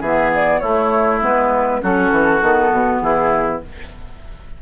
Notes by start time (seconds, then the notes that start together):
0.00 E3 B3 G#4 E5
0.34 D5
0.59 A3 E4 C#5
1.21 G#3 B3 B4
1.81 F#3 C#4 F#4 A4
2.11 E3
2.42 D#3 B3
2.72 B2
3.01 E3 E4 G#4